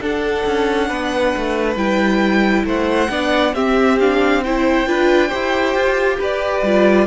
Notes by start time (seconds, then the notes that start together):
0.00 D4 A4 F#5
0.46 C#4
0.88 B3 B4
1.36 A3
1.76 G3 E4 G5
2.65 A3 C5 F#5
3.10 B3 D4 D5
3.53 C4 G4 E5
4.00 D4 F5
4.44 E4 C5 G5
4.87 D4 F4 B4
5.28 E4 G4 C5
5.75 F4
6.19 G4 B4 D5
6.62 G3 F4